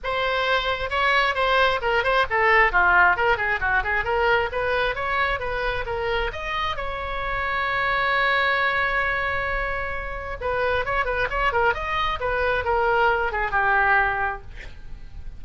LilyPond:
\new Staff \with { instrumentName = "oboe" } { \time 4/4 \tempo 4 = 133 c''2 cis''4 c''4 | ais'8 c''8 a'4 f'4 ais'8 gis'8 | fis'8 gis'8 ais'4 b'4 cis''4 | b'4 ais'4 dis''4 cis''4~ |
cis''1~ | cis''2. b'4 | cis''8 b'8 cis''8 ais'8 dis''4 b'4 | ais'4. gis'8 g'2 | }